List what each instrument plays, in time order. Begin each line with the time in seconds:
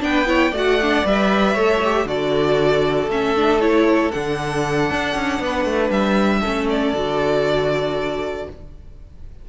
0.00 cello B3, viola D4, violin B4 G5
0.26 viola E4, violin C#5
0.51 cello A3, viola F#4, violin D5
0.58 violin F#5
0.82 viola D4
1.05 cello G3, viola B4, violin E5
1.54 cello A3, viola A4, violin C#5
1.85 viola G4
2.05 cello D3, viola F#4, violin A4 D5
3.08 cello A3, viola C#4, violin E5
3.37 viola D4
3.61 viola E4, violin C#5
4.12 cello D3, viola D4, violin F#5
4.91 cello D4
5.15 cello C#4
5.40 cello B3, violin B4
5.65 cello A3
5.90 cello G3, violin E5
6.40 viola C#4, violin A4
6.47 cello A3
6.70 violin D5
6.93 cello D3, viola F#4